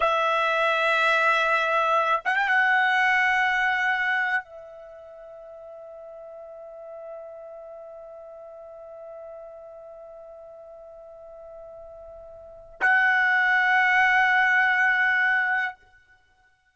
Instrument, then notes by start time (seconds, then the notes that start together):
trumpet
0.00 E5
2.25 F#5
2.36 G5
2.47 F#5
4.44 E5
12.80 F#5